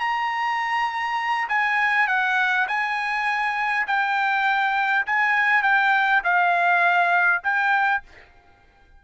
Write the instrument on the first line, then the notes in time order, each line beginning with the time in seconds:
trumpet
0.00 A#5
1.49 G#5
2.08 F#5
2.68 G#5
3.87 G5
5.06 G#5
5.63 G5
6.24 F5
7.43 G5